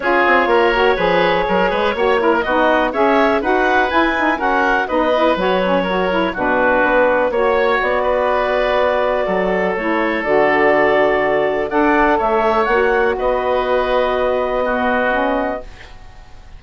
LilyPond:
<<
  \new Staff \with { instrumentName = "clarinet" } { \time 4/4 \tempo 4 = 123 cis''1~ | cis''4 dis''4 e''4 fis''4 | gis''4 fis''4 dis''4 cis''4~ | cis''4 b'2 cis''4 |
d''1 | cis''4 d''2. | fis''4 e''4 fis''4 dis''4~ | dis''1 | }
  \new Staff \with { instrumentName = "oboe" } { \time 4/4 gis'4 ais'4 b'4 ais'8 b'8 | cis''8 ais'8 fis'4 cis''4 b'4~ | b'4 ais'4 b'2 | ais'4 fis'2 cis''4~ |
cis''8 b'2~ b'8 a'4~ | a'1 | d''4 cis''2 b'4~ | b'2 fis'2 | }
  \new Staff \with { instrumentName = "saxophone" } { \time 4/4 f'4. fis'8 gis'2 | fis'8 e'8 dis'4 gis'4 fis'4 | e'8 dis'8 cis'4 dis'8 e'8 fis'8 cis'8 | fis'8 e'8 d'2 fis'4~ |
fis'1 | e'4 fis'2. | a'2 fis'2~ | fis'2 b4 cis'4 | }
  \new Staff \with { instrumentName = "bassoon" } { \time 4/4 cis'8 c'8 ais4 f4 fis8 gis8 | ais4 b4 cis'4 dis'4 | e'4 fis'4 b4 fis4~ | fis4 b,4 b4 ais4 |
b2. fis4 | a4 d2. | d'4 a4 ais4 b4~ | b1 | }
>>